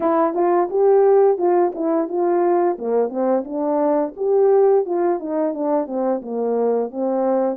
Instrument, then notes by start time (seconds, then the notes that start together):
horn
0.00 E4
0.34 F4
0.70 G4
1.38 F4
1.74 E4
2.08 F4
2.78 A#3
3.08 C4
3.44 D4
4.16 G4
4.85 F4
5.19 D#4
5.53 D4
5.86 C4
6.22 A#3
6.91 C4